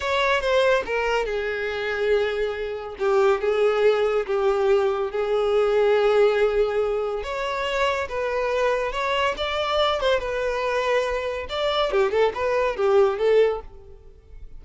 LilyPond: \new Staff \with { instrumentName = "violin" } { \time 4/4 \tempo 4 = 141 cis''4 c''4 ais'4 gis'4~ | gis'2. g'4 | gis'2 g'2 | gis'1~ |
gis'4 cis''2 b'4~ | b'4 cis''4 d''4. c''8 | b'2. d''4 | g'8 a'8 b'4 g'4 a'4 | }